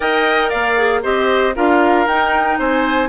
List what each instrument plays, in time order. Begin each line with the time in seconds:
0.00 bassoon D#4, clarinet A#4, oboe D#5, flute G5
0.49 bassoon A#3, oboe D5, flute F5
0.76 clarinet G#4
1.02 bassoon C4, clarinet G4, oboe C5, flute D#5
1.55 bassoon D4, clarinet F4, oboe A#4, flute F5
2.06 bassoon D#4, clarinet D#4, flute G5
2.58 bassoon C4, oboe C5, flute G#5